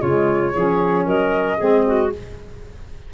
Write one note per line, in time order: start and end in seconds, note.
0.00 0.54 C#3
0.00 0.55 G#3
0.00 0.53 F4
0.00 1.06 C#5
0.53 1.06 F3
0.53 1.58 C#4
0.53 1.05 G#4
1.05 1.59 F#3
1.05 1.58 A#4
1.05 2.12 D#5
1.58 2.13 G#3
1.58 2.11 C4
1.58 1.84 G#4
1.86 2.12 F#4